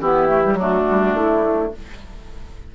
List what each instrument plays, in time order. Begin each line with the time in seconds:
0.00 bassoon E3, clarinet B3, oboe E4, flute G4
0.28 clarinet A3
0.44 clarinet G3
0.53 bassoon F#3, oboe D4, flute F#4
0.60 clarinet A3
0.90 bassoon G3
1.13 bassoon A3, flute E4